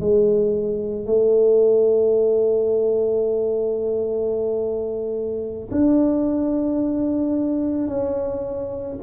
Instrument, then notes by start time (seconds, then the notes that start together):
tuba
0.00 G#3
1.06 A3
5.71 D4
7.88 C#4